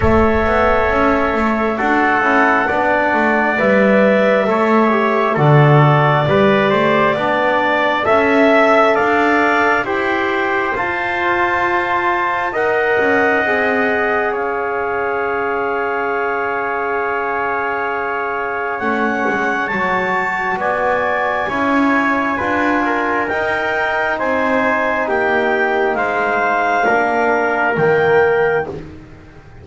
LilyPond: <<
  \new Staff \with { instrumentName = "clarinet" } { \time 4/4 \tempo 4 = 67 e''2 fis''2 | e''2 d''2~ | d''4 e''4 f''4 g''4 | a''2 fis''2 |
f''1~ | f''4 fis''4 a''4 gis''4~ | gis''2 g''4 gis''4 | g''4 f''2 g''4 | }
  \new Staff \with { instrumentName = "trumpet" } { \time 4/4 cis''2 a'4 d''4~ | d''4 cis''4 a'4 b'8 c''8 | d''4 e''4 d''4 c''4~ | c''2 dis''2 |
cis''1~ | cis''2. d''4 | cis''4 b'8 ais'4. c''4 | g'4 c''4 ais'2 | }
  \new Staff \with { instrumentName = "trombone" } { \time 4/4 a'2 fis'8 e'8 d'4 | b'4 a'8 g'8 fis'4 g'4 | d'4 a'2 g'4 | f'2 ais'4 gis'4~ |
gis'1~ | gis'4 cis'4 fis'2 | e'4 f'4 dis'2~ | dis'2 d'4 ais4 | }
  \new Staff \with { instrumentName = "double bass" } { \time 4/4 a8 b8 cis'8 a8 d'8 cis'8 b8 a8 | g4 a4 d4 g8 a8 | b4 cis'4 d'4 e'4 | f'2 dis'8 cis'8 c'4 |
cis'1~ | cis'4 a8 gis8 fis4 b4 | cis'4 d'4 dis'4 c'4 | ais4 gis4 ais4 dis4 | }
>>